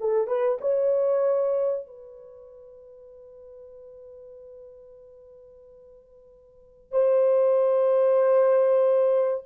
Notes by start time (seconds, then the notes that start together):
0.00 A4
0.27 B4
0.61 C#5
1.87 B4
6.91 C5